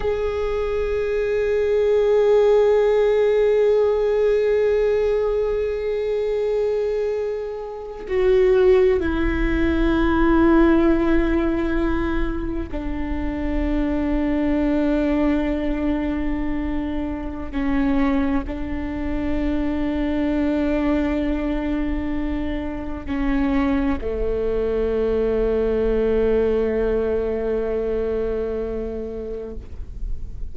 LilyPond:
\new Staff \with { instrumentName = "viola" } { \time 4/4 \tempo 4 = 65 gis'1~ | gis'1~ | gis'8. fis'4 e'2~ e'16~ | e'4.~ e'16 d'2~ d'16~ |
d'2. cis'4 | d'1~ | d'4 cis'4 a2~ | a1 | }